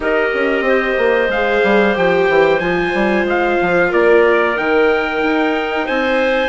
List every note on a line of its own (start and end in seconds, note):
0.00 0.29 D#4
0.00 1.27 G4
0.00 0.66 A#4
0.00 1.30 D#5
0.33 0.60 C#4
0.60 0.93 C4
0.60 3.89 C5
0.98 1.28 A#3
1.28 1.60 G#3
1.28 1.94 G#4
1.28 1.96 F5
1.63 1.96 G3
1.94 2.28 F3
1.94 2.59 G4
1.94 2.59 G5
2.28 2.59 E3
2.59 2.92 F3
2.59 4.55 F4
2.59 3.24 G#5
2.93 3.24 G3
3.24 3.57 G#3
3.24 3.92 F5
3.61 3.92 F3
3.89 4.57 A#3
3.89 5.85 A#4
3.89 4.57 D5
4.56 5.23 D#3
4.56 6.48 D#4
4.56 5.86 G5
5.23 5.88 D#4
5.85 6.48 C4
5.85 6.48 C5
5.85 6.48 G#5